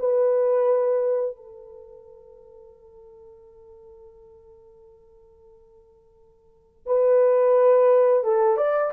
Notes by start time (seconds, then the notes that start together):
0.00 B4
1.36 A4
6.87 B4
8.24 A4
8.57 D5